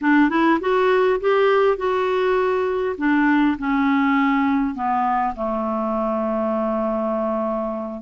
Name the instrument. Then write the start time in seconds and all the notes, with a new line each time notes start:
clarinet
0.01 D4
0.29 E4
0.60 F#4
1.20 G4
1.77 F#4
2.97 D4
3.58 C#4
4.74 B3
5.35 A3